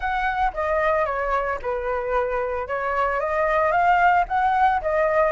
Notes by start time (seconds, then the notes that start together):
0.00 F#5
0.53 D#5
1.05 C#5
1.61 B4
2.67 C#5
3.20 D#5
3.71 F5
4.28 F#5
4.81 D#5